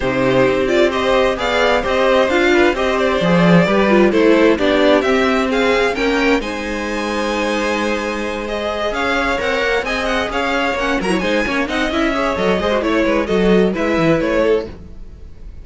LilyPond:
<<
  \new Staff \with { instrumentName = "violin" } { \time 4/4 \tempo 4 = 131 c''4. d''8 dis''4 f''4 | dis''4 f''4 dis''8 d''4.~ | d''4 c''4 d''4 e''4 | f''4 g''4 gis''2~ |
gis''2~ gis''8 dis''4 f''8~ | f''8 fis''4 gis''8 fis''8 f''4 fis''8 | ais''8 gis''4 fis''8 e''4 dis''4 | cis''4 dis''4 e''4 cis''4 | }
  \new Staff \with { instrumentName = "violin" } { \time 4/4 g'2 c''4 d''4 | c''4. b'8 c''2 | b'4 a'4 g'2 | gis'4 ais'4 c''2~ |
c''2.~ c''8 cis''8~ | cis''4. dis''4 cis''4. | ais'16 cis''16 c''8 cis''8 dis''4 cis''4 c''8 | cis''8 b'8 a'4 b'4. a'8 | }
  \new Staff \with { instrumentName = "viola" } { \time 4/4 dis'4. f'8 g'4 gis'4 | g'4 f'4 g'4 gis'4 | g'8 f'8 e'4 d'4 c'4~ | c'4 cis'4 dis'2~ |
dis'2~ dis'8 gis'4.~ | gis'8 ais'4 gis'2 cis'8 | fis'16 e'16 dis'8 cis'8 dis'8 e'8 gis'8 a'8 gis'16 fis'16 | e'4 fis'4 e'2 | }
  \new Staff \with { instrumentName = "cello" } { \time 4/4 c4 c'2 b4 | c'4 d'4 c'4 f4 | g4 a4 b4 c'4~ | c'4 ais4 gis2~ |
gis2.~ gis8 cis'8~ | cis'8 c'8 ais8 c'4 cis'4 ais8 | fis8 gis8 ais8 c'8 cis'4 fis8 gis8 | a8 gis8 fis4 gis8 e8 a4 | }
>>